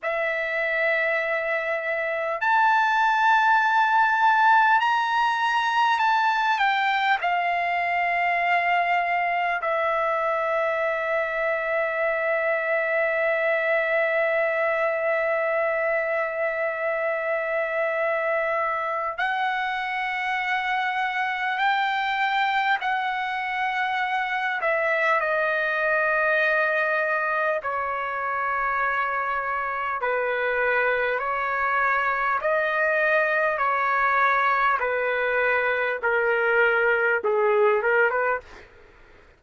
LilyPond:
\new Staff \with { instrumentName = "trumpet" } { \time 4/4 \tempo 4 = 50 e''2 a''2 | ais''4 a''8 g''8 f''2 | e''1~ | e''1 |
fis''2 g''4 fis''4~ | fis''8 e''8 dis''2 cis''4~ | cis''4 b'4 cis''4 dis''4 | cis''4 b'4 ais'4 gis'8 ais'16 b'16 | }